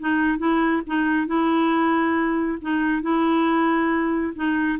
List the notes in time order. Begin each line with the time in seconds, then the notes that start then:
0.00 D#4
0.38 E4
0.87 D#4
1.27 E4
2.62 D#4
3.02 E4
4.35 D#4